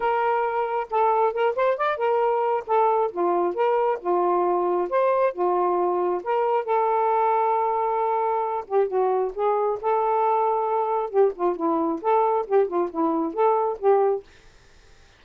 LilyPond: \new Staff \with { instrumentName = "saxophone" } { \time 4/4 \tempo 4 = 135 ais'2 a'4 ais'8 c''8 | d''8 ais'4. a'4 f'4 | ais'4 f'2 c''4 | f'2 ais'4 a'4~ |
a'2.~ a'8 g'8 | fis'4 gis'4 a'2~ | a'4 g'8 f'8 e'4 a'4 | g'8 f'8 e'4 a'4 g'4 | }